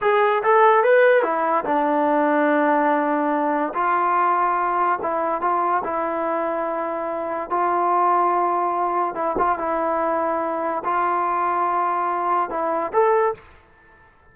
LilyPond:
\new Staff \with { instrumentName = "trombone" } { \time 4/4 \tempo 4 = 144 gis'4 a'4 b'4 e'4 | d'1~ | d'4 f'2. | e'4 f'4 e'2~ |
e'2 f'2~ | f'2 e'8 f'8 e'4~ | e'2 f'2~ | f'2 e'4 a'4 | }